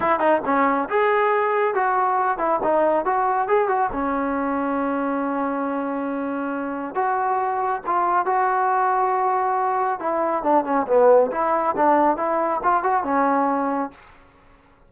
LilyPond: \new Staff \with { instrumentName = "trombone" } { \time 4/4 \tempo 4 = 138 e'8 dis'8 cis'4 gis'2 | fis'4. e'8 dis'4 fis'4 | gis'8 fis'8 cis'2.~ | cis'1 |
fis'2 f'4 fis'4~ | fis'2. e'4 | d'8 cis'8 b4 e'4 d'4 | e'4 f'8 fis'8 cis'2 | }